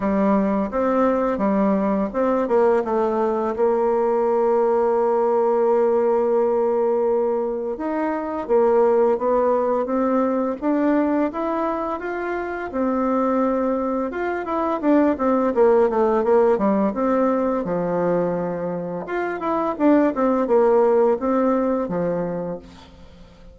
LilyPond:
\new Staff \with { instrumentName = "bassoon" } { \time 4/4 \tempo 4 = 85 g4 c'4 g4 c'8 ais8 | a4 ais2.~ | ais2. dis'4 | ais4 b4 c'4 d'4 |
e'4 f'4 c'2 | f'8 e'8 d'8 c'8 ais8 a8 ais8 g8 | c'4 f2 f'8 e'8 | d'8 c'8 ais4 c'4 f4 | }